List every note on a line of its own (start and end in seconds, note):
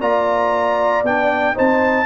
0.00 1.03 A#3
0.00 1.04 F4
0.00 1.55 D5
0.00 1.05 A#5
1.03 1.55 B3
1.03 1.54 D4
1.03 1.57 G5
1.54 2.06 C4
1.54 2.06 D#4
1.54 2.06 C5
1.54 2.06 A5